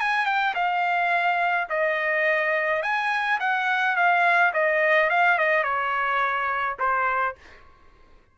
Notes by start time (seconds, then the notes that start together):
0.00 G#5
0.26 G5
0.55 F5
1.70 D#5
2.83 G#5
3.40 F#5
3.96 F5
4.54 D#5
5.10 F5
5.39 D#5
5.64 C#5
6.79 C5